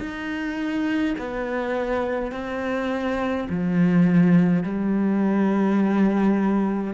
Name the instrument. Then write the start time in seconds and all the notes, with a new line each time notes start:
cello
0.00 D#4
1.18 B3
2.32 C4
3.49 F3
4.63 G3